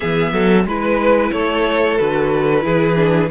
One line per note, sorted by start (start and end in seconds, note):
0.00 0.32 E3
0.00 0.66 B3
0.00 0.32 G#4
0.00 0.66 E5
0.32 0.64 F#3
0.32 0.65 A4
0.64 1.30 G#3
0.64 1.98 E4
0.64 1.32 B4
1.32 1.98 A3
1.32 2.63 A4
1.32 1.98 C#5
1.98 2.64 D3
1.98 2.61 F#4
1.98 3.30 B4
2.61 3.30 E3
2.61 2.94 E4
2.61 3.29 G#4
2.95 3.28 D4